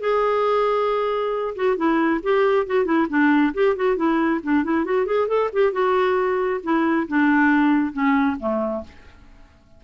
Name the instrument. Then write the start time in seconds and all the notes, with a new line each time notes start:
clarinet
0.00 G#4
1.55 F#4
1.77 E4
2.23 G4
2.67 F#4
2.85 E4
3.09 D4
3.54 G4
3.76 F#4
3.96 E4
4.43 D4
4.64 E4
4.85 F#4
5.06 G#4
5.28 A4
5.53 G4
5.73 F#4
6.63 E4
7.08 D4
7.93 C#4
8.39 A3